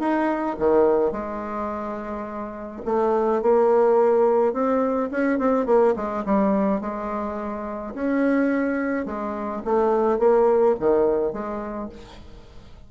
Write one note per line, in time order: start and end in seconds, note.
0.00 0.57 D#4
0.59 1.12 D#3
1.12 2.82 G#3
2.86 3.42 A3
3.43 4.54 A#3
4.54 5.10 C4
5.11 5.39 C#4
5.39 5.67 C4
5.67 5.95 A#3
5.96 6.25 G#3
6.26 6.81 G3
6.81 7.95 G#3
7.95 9.06 C#4
9.06 9.63 G#3
9.65 10.19 A3
10.19 10.76 A#3
10.80 11.33 D#3
11.33 11.90 G#3